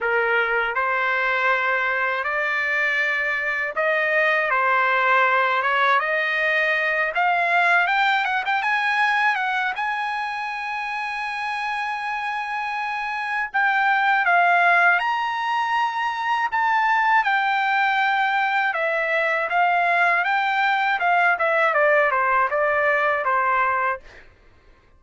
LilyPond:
\new Staff \with { instrumentName = "trumpet" } { \time 4/4 \tempo 4 = 80 ais'4 c''2 d''4~ | d''4 dis''4 c''4. cis''8 | dis''4. f''4 g''8 fis''16 g''16 gis''8~ | gis''8 fis''8 gis''2.~ |
gis''2 g''4 f''4 | ais''2 a''4 g''4~ | g''4 e''4 f''4 g''4 | f''8 e''8 d''8 c''8 d''4 c''4 | }